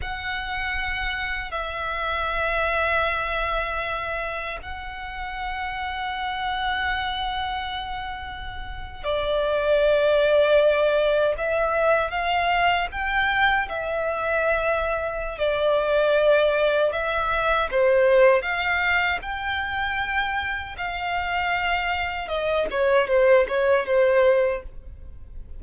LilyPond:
\new Staff \with { instrumentName = "violin" } { \time 4/4 \tempo 4 = 78 fis''2 e''2~ | e''2 fis''2~ | fis''2.~ fis''8. d''16~ | d''2~ d''8. e''4 f''16~ |
f''8. g''4 e''2~ e''16 | d''2 e''4 c''4 | f''4 g''2 f''4~ | f''4 dis''8 cis''8 c''8 cis''8 c''4 | }